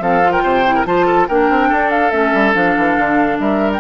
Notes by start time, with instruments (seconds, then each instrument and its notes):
0.00 bassoon F3, clarinet C4, oboe A4, flute F5
0.23 clarinet F4
0.31 oboe A#4, flute G5
0.43 bassoon C3, oboe C5
0.66 clarinet E4
0.75 oboe A#4
0.85 bassoon F3, clarinet F4, oboe C5, flute A5
1.06 oboe A4
1.28 bassoon A#3, clarinet D4, oboe A#4, flute G5
1.49 bassoon C4
1.68 bassoon D4, oboe A4
1.90 flute F5
2.11 bassoon A3, clarinet C#4, flute E5
2.34 bassoon G3
2.53 bassoon F3, clarinet D4, flute F5
2.77 bassoon E3
2.97 bassoon D3
3.39 bassoon G3, oboe A#4, flute E5
3.73 flute G5